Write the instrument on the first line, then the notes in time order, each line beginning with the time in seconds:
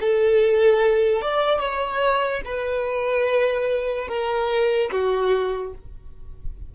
violin
0.00 A4
1.21 D5
1.60 C#5
2.45 B4
4.08 A#4
4.91 F#4